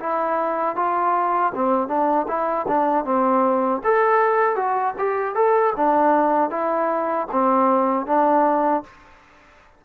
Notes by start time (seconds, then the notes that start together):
0.00 E4
0.76 F4
1.55 C4
1.88 D4
2.28 E4
2.67 D4
3.05 C4
3.84 A4
4.56 F#4
4.98 G4
5.35 A4
5.76 D4
6.50 E4
7.32 C4
8.06 D4